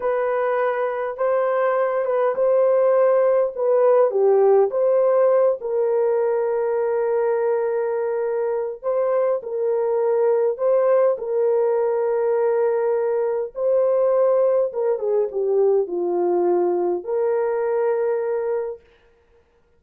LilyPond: \new Staff \with { instrumentName = "horn" } { \time 4/4 \tempo 4 = 102 b'2 c''4. b'8 | c''2 b'4 g'4 | c''4. ais'2~ ais'8~ | ais'2. c''4 |
ais'2 c''4 ais'4~ | ais'2. c''4~ | c''4 ais'8 gis'8 g'4 f'4~ | f'4 ais'2. | }